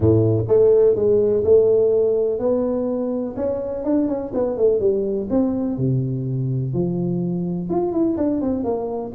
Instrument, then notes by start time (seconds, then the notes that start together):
tuba
0.00 A2
0.47 A3
0.95 G#3
1.44 A3
2.39 B3
3.36 C#4
3.84 D4
4.08 C#4
4.34 B3
4.57 A3
4.80 G3
5.30 C4
5.77 C3
6.73 F3
7.69 F4
7.92 E4
8.17 D4
8.41 C4
8.64 A#3